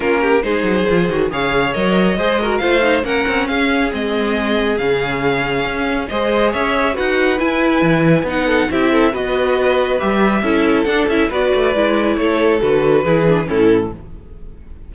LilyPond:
<<
  \new Staff \with { instrumentName = "violin" } { \time 4/4 \tempo 4 = 138 ais'4 c''2 f''4 | dis''2 f''4 fis''4 | f''4 dis''2 f''4~ | f''2 dis''4 e''4 |
fis''4 gis''2 fis''4 | e''4 dis''2 e''4~ | e''4 fis''8 e''8 d''2 | cis''4 b'2 a'4 | }
  \new Staff \with { instrumentName = "violin" } { \time 4/4 f'8 g'8 gis'2 cis''4~ | cis''4 c''8 ais'8 c''4 ais'4 | gis'1~ | gis'2 c''4 cis''4 |
b'2.~ b'8 a'8 | g'8 a'8 b'2. | a'2 b'2 | a'2 gis'4 e'4 | }
  \new Staff \with { instrumentName = "viola" } { \time 4/4 cis'4 dis'4 f'8 fis'8 gis'4 | ais'4 gis'8 fis'8 f'8 dis'8 cis'4~ | cis'4 c'2 cis'4~ | cis'2 gis'2 |
fis'4 e'2 dis'4 | e'4 fis'2 g'4 | e'4 d'8 e'8 fis'4 e'4~ | e'4 fis'4 e'8 d'8 cis'4 | }
  \new Staff \with { instrumentName = "cello" } { \time 4/4 ais4 gis8 fis8 f8 dis8 cis4 | fis4 gis4 a4 ais8 c'8 | cis'4 gis2 cis4~ | cis4 cis'4 gis4 cis'4 |
dis'4 e'4 e4 b4 | c'4 b2 g4 | cis'4 d'8 cis'8 b8 a8 gis4 | a4 d4 e4 a,4 | }
>>